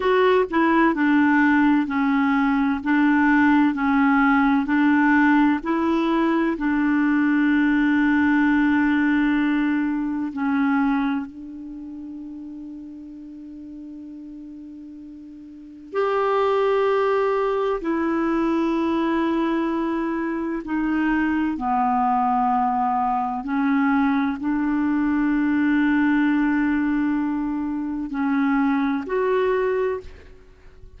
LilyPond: \new Staff \with { instrumentName = "clarinet" } { \time 4/4 \tempo 4 = 64 fis'8 e'8 d'4 cis'4 d'4 | cis'4 d'4 e'4 d'4~ | d'2. cis'4 | d'1~ |
d'4 g'2 e'4~ | e'2 dis'4 b4~ | b4 cis'4 d'2~ | d'2 cis'4 fis'4 | }